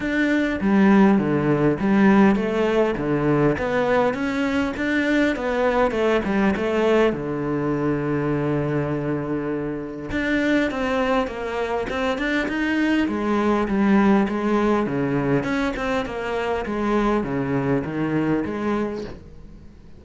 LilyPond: \new Staff \with { instrumentName = "cello" } { \time 4/4 \tempo 4 = 101 d'4 g4 d4 g4 | a4 d4 b4 cis'4 | d'4 b4 a8 g8 a4 | d1~ |
d4 d'4 c'4 ais4 | c'8 d'8 dis'4 gis4 g4 | gis4 cis4 cis'8 c'8 ais4 | gis4 cis4 dis4 gis4 | }